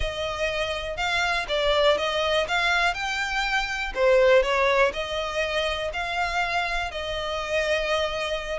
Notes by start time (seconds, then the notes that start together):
0.00 D#5
0.96 F5
1.48 D5
1.97 D#5
2.48 F5
2.94 G5
3.95 C5
4.42 C#5
4.93 D#5
5.93 F5
6.91 D#5